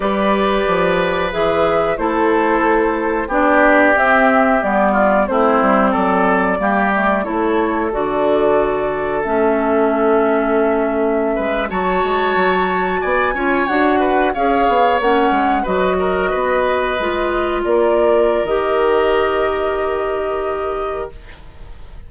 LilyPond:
<<
  \new Staff \with { instrumentName = "flute" } { \time 4/4 \tempo 4 = 91 d''2 e''4 c''4~ | c''4 d''4 e''4 d''4 | c''4 d''2 cis''4 | d''2 e''2~ |
e''4.~ e''16 a''2 gis''16~ | gis''8. fis''4 f''4 fis''4 dis''16~ | dis''2~ dis''8. d''4~ d''16 | dis''1 | }
  \new Staff \with { instrumentName = "oboe" } { \time 4/4 b'2. a'4~ | a'4 g'2~ g'8 f'8 | e'4 a'4 g'4 a'4~ | a'1~ |
a'4~ a'16 b'8 cis''2 d''16~ | d''16 cis''4 b'8 cis''2 b'16~ | b'16 ais'8 b'2 ais'4~ ais'16~ | ais'1 | }
  \new Staff \with { instrumentName = "clarinet" } { \time 4/4 g'2 gis'4 e'4~ | e'4 d'4 c'4 b4 | c'2 ais8 a8 e'4 | fis'2 cis'2~ |
cis'4.~ cis'16 fis'2~ fis'16~ | fis'16 f'8 fis'4 gis'4 cis'4 fis'16~ | fis'4.~ fis'16 f'2~ f'16 | g'1 | }
  \new Staff \with { instrumentName = "bassoon" } { \time 4/4 g4 f4 e4 a4~ | a4 b4 c'4 g4 | a8 g8 fis4 g4 a4 | d2 a2~ |
a4~ a16 gis8 fis8 gis8 fis4 b16~ | b16 cis'8 d'4 cis'8 b8 ais8 gis8 fis16~ | fis8. b4 gis4 ais4~ ais16 | dis1 | }
>>